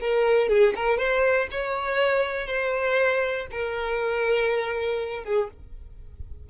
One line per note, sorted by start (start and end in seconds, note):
0.00 0.49 A#4
0.49 0.74 G#4
0.76 0.98 A#4
0.98 1.48 C5
1.51 2.47 C#5
2.47 3.47 C5
3.51 5.24 A#4
5.24 5.49 G#4